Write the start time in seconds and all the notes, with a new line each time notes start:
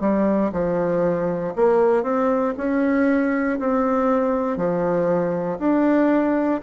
0.00 G3
0.52 F3
1.55 A#3
2.02 C4
2.57 C#4
3.59 C4
4.57 F3
5.58 D4